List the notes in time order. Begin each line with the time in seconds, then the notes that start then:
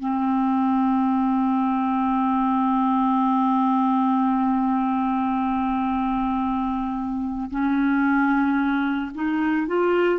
0.00 C4
7.50 C#4
9.15 D#4
9.67 F4